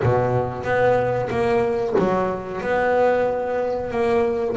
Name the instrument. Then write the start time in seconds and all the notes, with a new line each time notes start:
double bass
0.02 B2
0.63 B3
1.30 A#3
1.99 F#3
2.61 B3
3.90 A#3